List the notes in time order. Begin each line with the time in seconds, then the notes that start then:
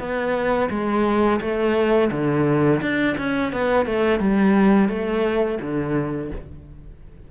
0.00 B3
0.71 G#3
1.41 A3
2.12 D3
2.82 D4
3.18 C#4
3.53 B3
3.87 A3
4.20 G3
4.89 A3
5.62 D3